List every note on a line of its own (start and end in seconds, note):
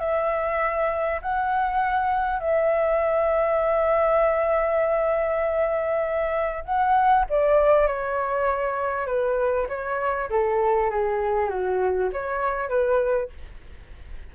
0.00 1.21 E5
1.22 2.40 F#5
2.40 6.65 E5
6.65 7.26 F#5
7.30 7.88 D5
7.88 9.07 C#5
9.07 9.68 B4
9.69 10.30 C#5
10.30 10.91 A4
10.91 11.50 G#4
11.50 12.10 F#4
12.13 12.69 C#5
12.69 13.30 B4